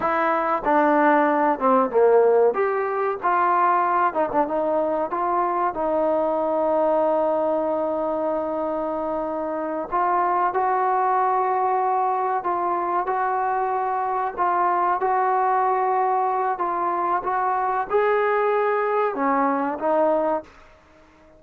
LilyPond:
\new Staff \with { instrumentName = "trombone" } { \time 4/4 \tempo 4 = 94 e'4 d'4. c'8 ais4 | g'4 f'4. dis'16 d'16 dis'4 | f'4 dis'2.~ | dis'2.~ dis'8 f'8~ |
f'8 fis'2. f'8~ | f'8 fis'2 f'4 fis'8~ | fis'2 f'4 fis'4 | gis'2 cis'4 dis'4 | }